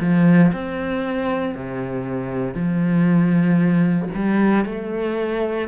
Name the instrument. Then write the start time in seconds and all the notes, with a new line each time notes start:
cello
0.00 F3
0.53 C4
1.55 C3
2.54 F3
4.15 G3
4.65 A3